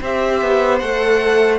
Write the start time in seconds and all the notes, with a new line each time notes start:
0.00 C4 G4 C5 E5
0.42 B3
0.79 A3 A4 F#5